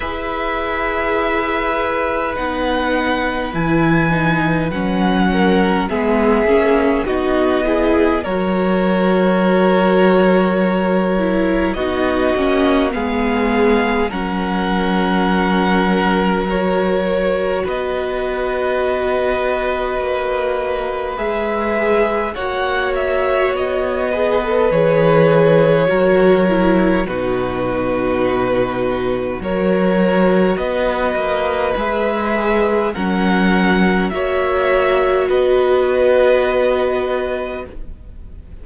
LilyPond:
<<
  \new Staff \with { instrumentName = "violin" } { \time 4/4 \tempo 4 = 51 e''2 fis''4 gis''4 | fis''4 e''4 dis''4 cis''4~ | cis''2 dis''4 f''4 | fis''2 cis''4 dis''4~ |
dis''2 e''4 fis''8 e''8 | dis''4 cis''2 b'4~ | b'4 cis''4 dis''4 e''4 | fis''4 e''4 dis''2 | }
  \new Staff \with { instrumentName = "violin" } { \time 4/4 b'1~ | b'8 ais'8 gis'4 fis'8 gis'8 ais'4~ | ais'2 fis'4 gis'4 | ais'2. b'4~ |
b'2. cis''4~ | cis''8 b'4. ais'4 fis'4~ | fis'4 ais'4 b'2 | ais'4 cis''4 b'2 | }
  \new Staff \with { instrumentName = "viola" } { \time 4/4 gis'2 dis'4 e'8 dis'8 | cis'4 b8 cis'8 dis'8 e'8 fis'4~ | fis'4. e'8 dis'8 cis'8 b4 | cis'2 fis'2~ |
fis'2 gis'4 fis'4~ | fis'8 gis'16 a'16 gis'4 fis'8 e'8 dis'4~ | dis'4 fis'2 gis'4 | cis'4 fis'2. | }
  \new Staff \with { instrumentName = "cello" } { \time 4/4 e'2 b4 e4 | fis4 gis8 ais8 b4 fis4~ | fis2 b8 ais8 gis4 | fis2. b4~ |
b4 ais4 gis4 ais4 | b4 e4 fis4 b,4~ | b,4 fis4 b8 ais8 gis4 | fis4 ais4 b2 | }
>>